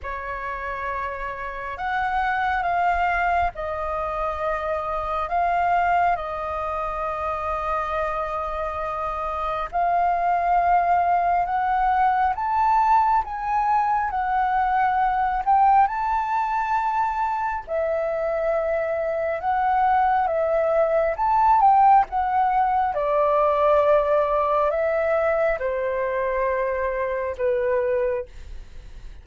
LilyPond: \new Staff \with { instrumentName = "flute" } { \time 4/4 \tempo 4 = 68 cis''2 fis''4 f''4 | dis''2 f''4 dis''4~ | dis''2. f''4~ | f''4 fis''4 a''4 gis''4 |
fis''4. g''8 a''2 | e''2 fis''4 e''4 | a''8 g''8 fis''4 d''2 | e''4 c''2 b'4 | }